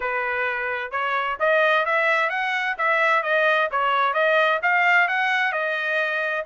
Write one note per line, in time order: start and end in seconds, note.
0.00 0.91 B4
0.91 1.37 C#5
1.39 1.85 D#5
1.85 2.29 E5
2.29 2.75 F#5
2.78 3.22 E5
3.22 3.69 D#5
3.71 4.13 C#5
4.13 4.59 D#5
4.62 5.08 F5
5.08 5.52 F#5
5.52 6.44 D#5